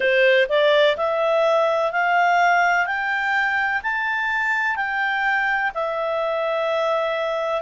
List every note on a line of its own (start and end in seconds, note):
0.00 0.46 C5
0.48 0.96 D5
0.97 1.92 E5
1.92 2.86 F5
2.86 3.81 G5
3.83 4.76 A5
4.76 5.71 G5
5.74 7.61 E5